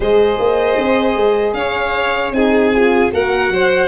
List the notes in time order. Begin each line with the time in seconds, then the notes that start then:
0.00 G#3 G#4 C5 D#5
0.38 A#3
0.78 C4
1.16 G#3
1.53 C#4 C#5 F5
2.31 C4 D#4 G#4 G#5
2.75 F4
3.11 A#3 F#4 A#4 F#5
3.49 F#3 C5